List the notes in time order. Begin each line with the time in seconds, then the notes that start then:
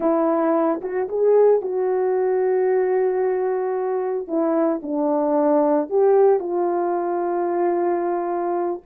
0.00 E4
0.81 F#4
1.08 G#4
1.61 F#4
4.27 E4
4.82 D4
5.89 G4
6.39 F4